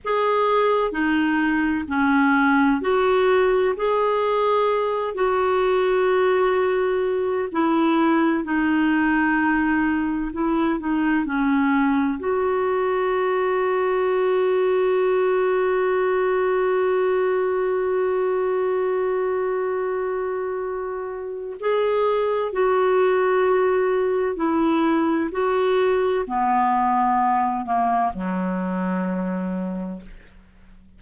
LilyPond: \new Staff \with { instrumentName = "clarinet" } { \time 4/4 \tempo 4 = 64 gis'4 dis'4 cis'4 fis'4 | gis'4. fis'2~ fis'8 | e'4 dis'2 e'8 dis'8 | cis'4 fis'2.~ |
fis'1~ | fis'2. gis'4 | fis'2 e'4 fis'4 | b4. ais8 fis2 | }